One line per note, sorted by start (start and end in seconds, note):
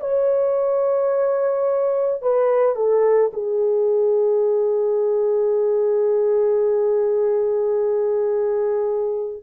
0.00 2.22 C#5
2.22 2.76 B4
2.76 3.31 A4
3.33 9.43 G#4